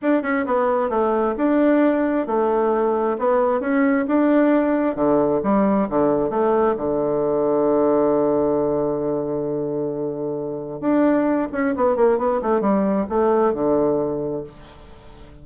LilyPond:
\new Staff \with { instrumentName = "bassoon" } { \time 4/4 \tempo 4 = 133 d'8 cis'8 b4 a4 d'4~ | d'4 a2 b4 | cis'4 d'2 d4 | g4 d4 a4 d4~ |
d1~ | d1 | d'4. cis'8 b8 ais8 b8 a8 | g4 a4 d2 | }